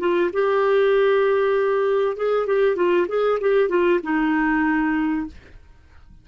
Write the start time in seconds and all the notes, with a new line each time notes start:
0.00 F4
0.33 G4
2.17 G#4
2.47 G4
2.76 F4
3.09 G#4
3.41 G4
3.69 F4
4.03 D#4